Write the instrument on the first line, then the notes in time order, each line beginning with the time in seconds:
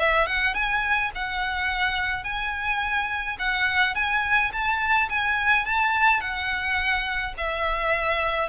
violin
0.00 E5
0.27 F#5
0.55 G#5
1.16 F#5
2.24 G#5
3.39 F#5
3.95 G#5
4.53 A5
5.10 G#5
5.66 A5
6.21 F#5
7.38 E5